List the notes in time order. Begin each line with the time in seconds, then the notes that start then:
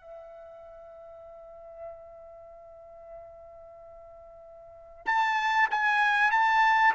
0.00 E5
5.06 A5
5.70 G#5
6.31 A5